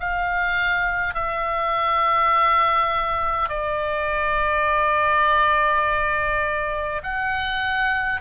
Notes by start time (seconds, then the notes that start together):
0.00 F5
1.14 E5
3.49 D5
7.03 F#5